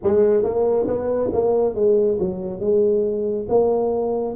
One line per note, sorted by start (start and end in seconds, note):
0.03 0.43 G#3
0.43 0.87 A#3
0.87 1.30 B3
1.32 1.74 A#3
1.74 2.18 G#3
2.19 2.60 F#3
2.60 3.47 G#3
3.48 4.35 A#3